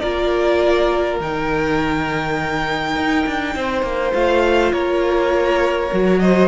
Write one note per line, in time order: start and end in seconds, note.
0.00 1.20 A#3
0.00 1.21 F4
0.00 3.55 A#4
0.00 1.18 D5
1.20 2.96 D#3
1.20 4.13 D#4
1.20 4.14 G5
2.96 3.26 D#4
3.27 3.56 D4
3.56 3.83 C4
3.56 4.73 C5
3.83 4.12 A#3
4.13 4.73 A3
4.13 5.89 F4
4.13 4.73 F5
4.73 5.91 A#3
4.73 6.20 A#4
4.73 6.20 C#5
5.92 6.49 F#3
5.92 6.49 F#4
6.20 6.49 C5
6.20 6.49 D#5